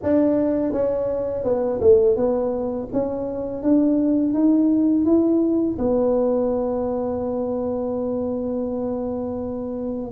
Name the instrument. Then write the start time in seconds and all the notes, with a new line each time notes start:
tuba
0.03 D4
0.72 C#4
1.44 B3
1.80 A3
2.16 B3
2.92 C#4
3.62 D4
4.33 D#4
5.05 E4
5.78 B3